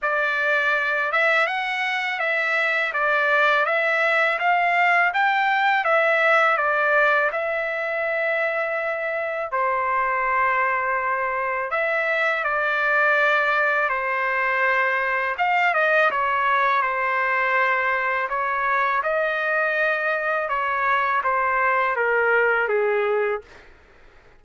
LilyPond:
\new Staff \with { instrumentName = "trumpet" } { \time 4/4 \tempo 4 = 82 d''4. e''8 fis''4 e''4 | d''4 e''4 f''4 g''4 | e''4 d''4 e''2~ | e''4 c''2. |
e''4 d''2 c''4~ | c''4 f''8 dis''8 cis''4 c''4~ | c''4 cis''4 dis''2 | cis''4 c''4 ais'4 gis'4 | }